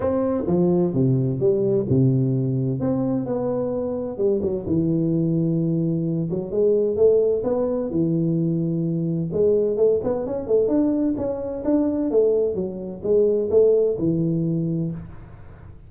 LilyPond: \new Staff \with { instrumentName = "tuba" } { \time 4/4 \tempo 4 = 129 c'4 f4 c4 g4 | c2 c'4 b4~ | b4 g8 fis8 e2~ | e4. fis8 gis4 a4 |
b4 e2. | gis4 a8 b8 cis'8 a8 d'4 | cis'4 d'4 a4 fis4 | gis4 a4 e2 | }